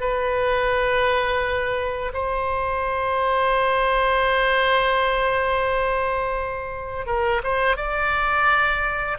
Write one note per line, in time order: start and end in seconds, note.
0.00 2.12 B4
2.13 7.06 C5
7.06 7.41 A#4
7.43 7.76 C5
7.76 9.18 D5